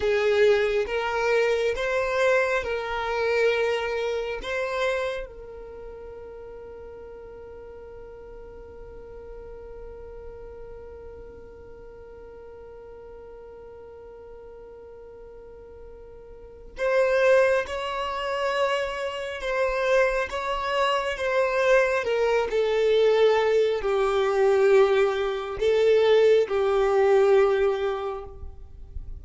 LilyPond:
\new Staff \with { instrumentName = "violin" } { \time 4/4 \tempo 4 = 68 gis'4 ais'4 c''4 ais'4~ | ais'4 c''4 ais'2~ | ais'1~ | ais'1~ |
ais'2. c''4 | cis''2 c''4 cis''4 | c''4 ais'8 a'4. g'4~ | g'4 a'4 g'2 | }